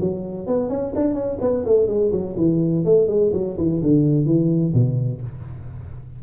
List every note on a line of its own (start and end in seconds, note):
0.00 0.47 F#3
0.47 0.69 B3
0.69 0.93 C#4
0.95 1.14 D4
1.14 1.38 C#4
1.41 1.65 B3
1.66 1.87 A3
1.87 2.11 G#3
2.12 2.36 F#3
2.37 2.85 E3
2.85 3.08 A3
3.08 3.32 G#3
3.33 3.57 F#3
3.58 3.82 E3
3.83 4.26 D3
4.26 4.73 E3
4.74 5.21 B2